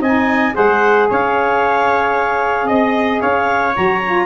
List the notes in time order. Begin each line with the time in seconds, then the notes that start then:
0.00 C4 D#4 D#5 G#5
0.53 G#3 G#4 C5 F#5
1.10 C#4 C#5 F5
2.66 C4 D#5
3.20 C#4 C#5 F5
3.74 F#3 F#4 A#5
4.06 F4